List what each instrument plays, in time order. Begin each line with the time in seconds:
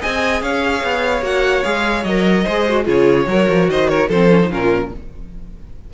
0.00 cello C4, viola G#4, violin D#5 G#5
0.41 cello C#4, violin C#5 F5
0.83 cello B3
1.22 cello A#3, viola F#4, violin F#5
1.64 cello G#3, viola G#4, violin F5
2.04 cello F#3, viola A#4, violin D#5
2.44 cello G#3, viola G#4, violin C5
2.69 viola F#4
2.84 cello C#3, viola F4, violin G#4 C#5
3.27 cello F#3, viola F#4, violin A#4
3.49 cello F3
3.68 cello D#3, violin C5 D#5
3.88 violin A#4 C#5
4.09 cello F3, viola C4, violin A4 C5
4.30 viola C#4
4.42 viola D#4
4.50 cello A#2, viola C#4, violin F4 A#4